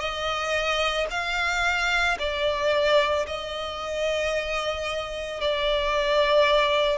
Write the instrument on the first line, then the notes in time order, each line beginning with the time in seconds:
violin
0.00 D#5
1.11 F5
2.19 D5
3.27 D#5
5.41 D5